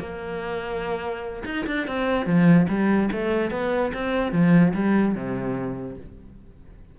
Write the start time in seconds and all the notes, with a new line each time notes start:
0.00 A#3
1.46 D#4
1.67 D4
1.88 C4
2.26 F3
2.69 G3
3.13 A3
3.51 B3
3.94 C4
4.32 F3
4.75 G3
5.15 C3